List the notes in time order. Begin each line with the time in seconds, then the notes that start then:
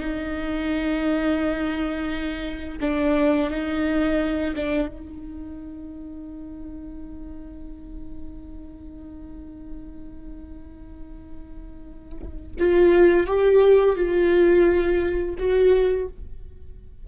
0.00 D#4
2.80 D4
3.50 D#4
4.56 D4
4.88 D#4
12.59 F4
13.27 G4
13.96 F4
15.38 F#4